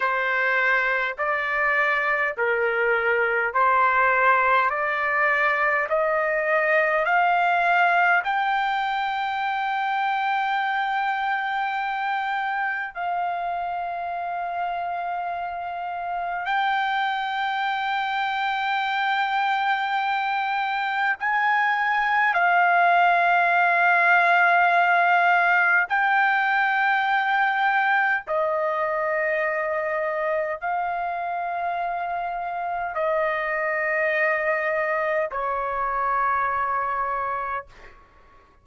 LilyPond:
\new Staff \with { instrumentName = "trumpet" } { \time 4/4 \tempo 4 = 51 c''4 d''4 ais'4 c''4 | d''4 dis''4 f''4 g''4~ | g''2. f''4~ | f''2 g''2~ |
g''2 gis''4 f''4~ | f''2 g''2 | dis''2 f''2 | dis''2 cis''2 | }